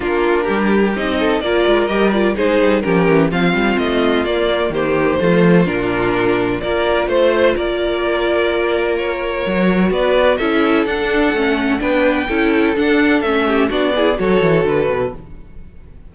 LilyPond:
<<
  \new Staff \with { instrumentName = "violin" } { \time 4/4 \tempo 4 = 127 ais'2 dis''4 d''4 | dis''8 d''8 c''4 ais'4 f''4 | dis''4 d''4 c''2 | ais'2 d''4 c''4 |
d''2. cis''4~ | cis''4 d''4 e''4 fis''4~ | fis''4 g''2 fis''4 | e''4 d''4 cis''4 b'4 | }
  \new Staff \with { instrumentName = "violin" } { \time 4/4 f'4 g'4. a'8 ais'4~ | ais'4 gis'4 g'4 f'4~ | f'2 g'4 f'4~ | f'2 ais'4 c''4 |
ais'1~ | ais'4 b'4 a'2~ | a'4 b'4 a'2~ | a'8 g'8 fis'8 gis'8 a'2 | }
  \new Staff \with { instrumentName = "viola" } { \time 4/4 d'2 dis'4 f'4 | g'8 f'8 dis'4 cis'4 c'4~ | c'4 ais2 a4 | d'2 f'2~ |
f'1 | fis'2 e'4 d'4 | cis'4 d'4 e'4 d'4 | cis'4 d'8 e'8 fis'2 | }
  \new Staff \with { instrumentName = "cello" } { \time 4/4 ais4 g4 c'4 ais8 gis8 | g4 gis8 g8 f8 e8 f8 g8 | a4 ais4 dis4 f4 | ais,2 ais4 a4 |
ais1 | fis4 b4 cis'4 d'4 | a4 b4 cis'4 d'4 | a4 b4 fis8 e8 d8 b,8 | }
>>